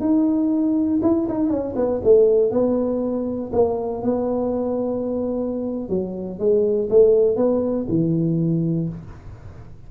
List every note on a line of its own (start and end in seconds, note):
0.00 1.00 D#4
1.02 1.27 E4
1.28 1.49 D#4
1.49 1.74 C#4
1.75 2.00 B3
2.03 2.51 A3
2.51 3.51 B3
3.52 4.02 A#3
4.02 5.89 B3
5.89 6.39 F#3
6.39 6.89 G#3
6.90 7.36 A3
7.36 7.86 B3
7.88 8.88 E3